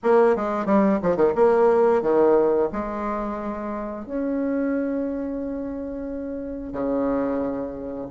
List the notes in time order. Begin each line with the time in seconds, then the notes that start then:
0.03 A#3
0.36 G#3
0.65 G3
1.02 F3
1.16 D#3
1.35 A#3
2.02 D#3
2.72 G#3
4.05 C#4
6.72 C#3